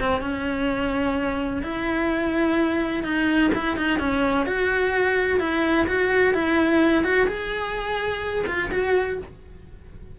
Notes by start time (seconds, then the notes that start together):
0.00 C4
0.21 C#4
1.62 E4
3.04 D#4
3.54 E4
3.77 D#4
3.99 C#4
4.46 F#4
5.39 E4
5.87 F#4
6.34 E4
7.04 F#4
7.27 G#4
8.47 F4
8.71 F#4